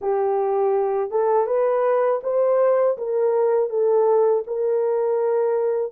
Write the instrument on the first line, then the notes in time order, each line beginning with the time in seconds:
horn
0.01 G4
1.10 A4
1.46 B4
2.23 C5
2.97 A#4
3.69 A4
4.46 A#4